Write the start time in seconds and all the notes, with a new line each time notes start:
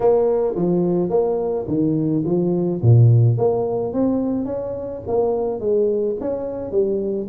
0.00 A#3
0.55 F3
1.09 A#3
1.67 D#3
2.25 F3
2.81 A#2
3.37 A#3
3.93 C4
4.45 C#4
5.07 A#3
5.59 G#3
6.20 C#4
6.71 G3